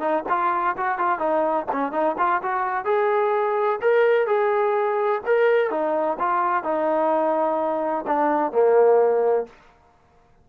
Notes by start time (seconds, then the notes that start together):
0.00 D#4
0.29 F4
0.77 F#4
0.98 F4
1.19 D#4
1.72 C#4
1.92 D#4
2.18 F4
2.43 F#4
2.85 G#4
3.81 A#4
4.27 G#4
5.26 A#4
5.71 D#4
6.19 F4
6.64 D#4
8.07 D4
8.52 A#3